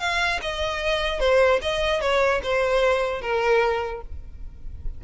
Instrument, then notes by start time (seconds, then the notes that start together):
violin
0.00 F5
0.42 D#5
1.20 C5
1.62 D#5
2.01 C#5
2.43 C5
3.22 A#4